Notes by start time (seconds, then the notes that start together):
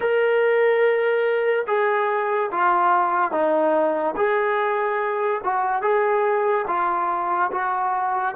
0.00 A#4
1.67 G#4
2.51 F4
3.31 D#4
4.16 G#4
5.44 F#4
5.82 G#4
6.67 F4
7.52 F#4